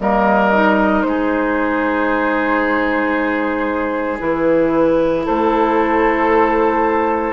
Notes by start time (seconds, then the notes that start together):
0.00 G3 A#3 A#4 D#5
0.53 D#4
1.02 G#3 G#4 C5
4.19 E3 E4 B4
5.26 A3 A4 C5